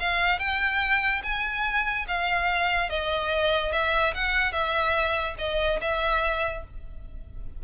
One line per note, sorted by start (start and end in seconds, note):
0.00 0.39 F5
0.39 1.22 G5
1.24 2.06 G#5
2.08 2.90 F5
2.90 3.73 D#5
3.73 4.14 E5
4.15 4.53 F#5
4.53 5.36 E5
5.39 5.80 D#5
5.82 6.64 E5